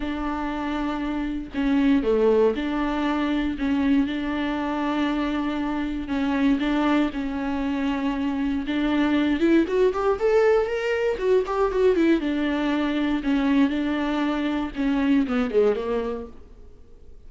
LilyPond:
\new Staff \with { instrumentName = "viola" } { \time 4/4 \tempo 4 = 118 d'2. cis'4 | a4 d'2 cis'4 | d'1 | cis'4 d'4 cis'2~ |
cis'4 d'4. e'8 fis'8 g'8 | a'4 ais'4 fis'8 g'8 fis'8 e'8 | d'2 cis'4 d'4~ | d'4 cis'4 b8 gis8 ais4 | }